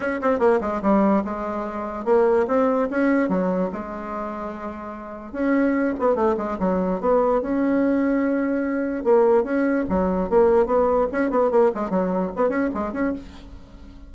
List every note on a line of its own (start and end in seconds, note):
0.00 0.20 C#4
0.21 0.39 C4
0.39 0.59 A#3
0.61 0.81 G#3
0.81 1.23 G3
1.24 2.05 G#3
2.05 2.46 A#3
2.47 2.88 C4
2.90 3.28 C#4
3.28 3.69 F#3
3.72 5.32 G#3
5.32 5.94 C#4
5.99 6.15 B3
6.15 6.35 A3
6.37 6.57 G#3
6.59 7.00 F#3
7.00 7.41 B3
7.41 9.04 C#4
9.04 9.43 A#3
9.43 9.84 C#4
9.89 10.29 F#3
10.29 10.66 A#3
10.66 11.07 B3
11.11 11.30 C#4
11.30 11.50 B3
11.50 11.71 A#3
11.74 11.90 G#3
11.90 12.31 F#3
12.35 12.49 B3
12.49 12.69 C#4
12.74 12.92 G#3
12.92 13.13 C#4